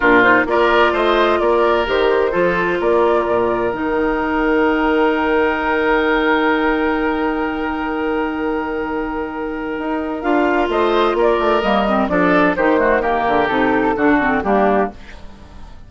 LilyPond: <<
  \new Staff \with { instrumentName = "flute" } { \time 4/4 \tempo 4 = 129 ais'8 c''8 d''4 dis''4 d''4 | c''2 d''2 | g''1~ | g''1~ |
g''1~ | g''2 f''4 dis''4 | d''4 dis''4 d''4 c''4 | ais'4 a'2 g'4 | }
  \new Staff \with { instrumentName = "oboe" } { \time 4/4 f'4 ais'4 c''4 ais'4~ | ais'4 a'4 ais'2~ | ais'1~ | ais'1~ |
ais'1~ | ais'2. c''4 | ais'2 a'4 g'8 fis'8 | g'2 fis'4 d'4 | }
  \new Staff \with { instrumentName = "clarinet" } { \time 4/4 d'8 dis'8 f'2. | g'4 f'2. | dis'1~ | dis'1~ |
dis'1~ | dis'2 f'2~ | f'4 ais8 c'8 d'4 dis'8 a8 | ais4 dis'4 d'8 c'8 ais4 | }
  \new Staff \with { instrumentName = "bassoon" } { \time 4/4 ais,4 ais4 a4 ais4 | dis4 f4 ais4 ais,4 | dis1~ | dis1~ |
dis1~ | dis4 dis'4 d'4 a4 | ais8 a8 g4 f4 dis4~ | dis8 d8 c4 d4 g4 | }
>>